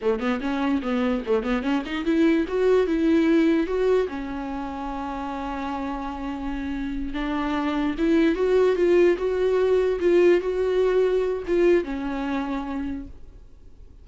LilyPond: \new Staff \with { instrumentName = "viola" } { \time 4/4 \tempo 4 = 147 a8 b8 cis'4 b4 a8 b8 | cis'8 dis'8 e'4 fis'4 e'4~ | e'4 fis'4 cis'2~ | cis'1~ |
cis'4. d'2 e'8~ | e'8 fis'4 f'4 fis'4.~ | fis'8 f'4 fis'2~ fis'8 | f'4 cis'2. | }